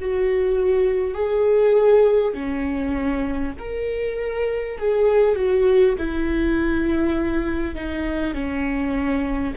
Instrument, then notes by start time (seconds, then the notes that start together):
viola
0.00 F#4
1.15 G#4
2.35 C#4
3.59 A#4
4.79 G#4
5.36 F#4
5.98 E4
7.75 D#4
8.35 C#4